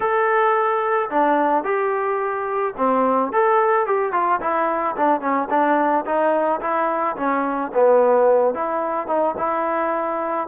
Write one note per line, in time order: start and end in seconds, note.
0.00 1.09 A4
1.10 1.64 D4
1.64 2.74 G4
2.77 3.32 C4
3.32 3.86 A4
3.86 4.12 G4
4.12 4.40 F4
4.40 4.95 E4
4.96 5.20 D4
5.20 5.48 C#4
5.49 6.05 D4
6.05 6.60 D#4
6.61 7.16 E4
7.16 7.71 C#4
7.73 8.54 B3
8.54 9.07 E4
9.07 9.34 D#4
9.37 10.47 E4